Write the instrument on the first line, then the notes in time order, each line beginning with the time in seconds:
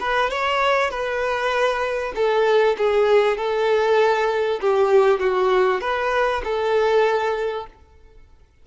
violin
0.00 B4
0.30 C#5
0.90 B4
2.15 A4
2.77 G#4
3.37 A4
4.61 G4
5.20 F#4
5.81 B4
6.44 A4